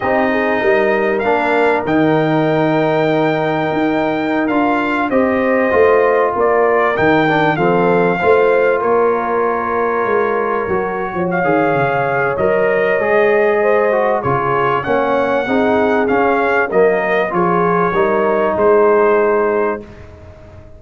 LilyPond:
<<
  \new Staff \with { instrumentName = "trumpet" } { \time 4/4 \tempo 4 = 97 dis''2 f''4 g''4~ | g''2.~ g''16 f''8.~ | f''16 dis''2 d''4 g''8.~ | g''16 f''2 cis''4.~ cis''16~ |
cis''2~ cis''16 f''4.~ f''16 | dis''2. cis''4 | fis''2 f''4 dis''4 | cis''2 c''2 | }
  \new Staff \with { instrumentName = "horn" } { \time 4/4 g'8 gis'8 ais'2.~ | ais'1~ | ais'16 c''2 ais'4.~ ais'16~ | ais'16 a'4 c''4 ais'4.~ ais'16~ |
ais'2 cis''2~ | cis''2 c''4 gis'4 | cis''4 gis'2 ais'4 | gis'4 ais'4 gis'2 | }
  \new Staff \with { instrumentName = "trombone" } { \time 4/4 dis'2 d'4 dis'4~ | dis'2.~ dis'16 f'8.~ | f'16 g'4 f'2 dis'8 d'16~ | d'16 c'4 f'2~ f'8.~ |
f'4~ f'16 fis'4~ fis'16 gis'4. | ais'4 gis'4. fis'8 f'4 | cis'4 dis'4 cis'4 ais4 | f'4 dis'2. | }
  \new Staff \with { instrumentName = "tuba" } { \time 4/4 c'4 g4 ais4 dis4~ | dis2 dis'4~ dis'16 d'8.~ | d'16 c'4 a4 ais4 dis8.~ | dis16 f4 a4 ais4.~ ais16~ |
ais16 gis4 fis8. f8 dis8 cis4 | fis4 gis2 cis4 | ais4 c'4 cis'4 fis4 | f4 g4 gis2 | }
>>